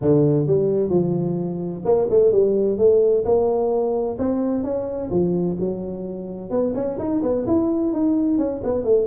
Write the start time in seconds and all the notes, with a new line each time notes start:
0.01 D3
0.47 G3
0.89 F3
1.84 A#3
2.10 A3
2.31 G3
2.78 A3
3.24 A#3
4.18 C4
4.63 C#4
5.10 F3
5.59 F#3
6.50 B3
6.74 C#4
6.98 D#4
7.22 B3
7.46 E4
7.93 D#4
8.38 C#4
8.63 B3
8.84 A3